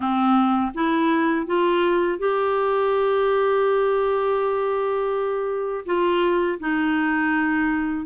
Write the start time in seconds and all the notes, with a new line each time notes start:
0.00 C4
0.74 E4
1.46 F4
2.19 G4
5.85 F4
6.59 D#4